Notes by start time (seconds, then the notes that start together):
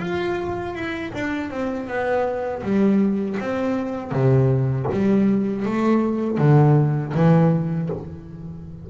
0.00 F4
0.75 E4
1.14 D4
1.51 C4
1.88 B3
2.63 G3
3.41 C4
4.12 C3
4.93 G3
5.66 A3
6.39 D3
7.15 E3